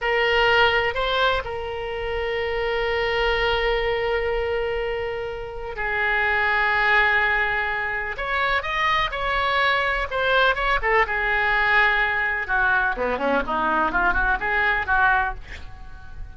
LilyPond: \new Staff \with { instrumentName = "oboe" } { \time 4/4 \tempo 4 = 125 ais'2 c''4 ais'4~ | ais'1~ | ais'1 | gis'1~ |
gis'4 cis''4 dis''4 cis''4~ | cis''4 c''4 cis''8 a'8 gis'4~ | gis'2 fis'4 b8 cis'8 | dis'4 f'8 fis'8 gis'4 fis'4 | }